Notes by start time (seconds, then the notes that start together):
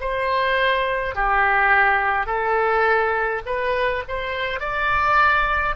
0.00 C5
1.15 G4
2.26 A4
3.46 B4
4.08 C5
4.59 D5